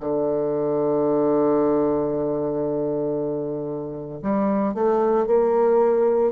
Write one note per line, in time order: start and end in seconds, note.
0.00 4.21 D3
4.22 4.74 G3
4.74 5.27 A3
5.27 6.32 A#3